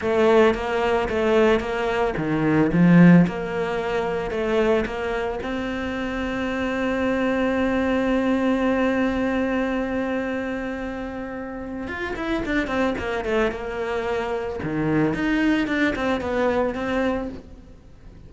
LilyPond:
\new Staff \with { instrumentName = "cello" } { \time 4/4 \tempo 4 = 111 a4 ais4 a4 ais4 | dis4 f4 ais2 | a4 ais4 c'2~ | c'1~ |
c'1~ | c'2 f'8 e'8 d'8 c'8 | ais8 a8 ais2 dis4 | dis'4 d'8 c'8 b4 c'4 | }